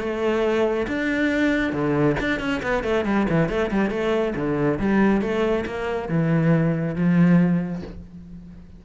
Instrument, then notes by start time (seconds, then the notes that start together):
cello
0.00 A3
0.88 D4
1.73 D3
2.21 D4
2.40 C#4
2.63 B3
2.84 A3
3.06 G3
3.30 E3
3.49 A3
3.72 G3
3.91 A3
4.36 D3
4.80 G3
5.22 A3
5.66 A#3
6.09 E3
6.96 F3